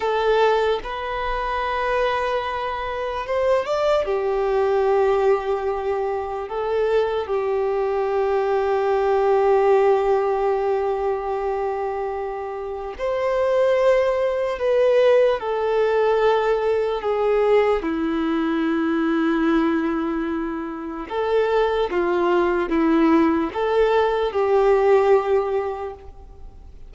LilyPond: \new Staff \with { instrumentName = "violin" } { \time 4/4 \tempo 4 = 74 a'4 b'2. | c''8 d''8 g'2. | a'4 g'2.~ | g'1 |
c''2 b'4 a'4~ | a'4 gis'4 e'2~ | e'2 a'4 f'4 | e'4 a'4 g'2 | }